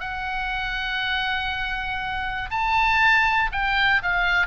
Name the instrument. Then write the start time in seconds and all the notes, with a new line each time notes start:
oboe
0.00 F#5
2.50 A5
3.52 G5
4.02 F5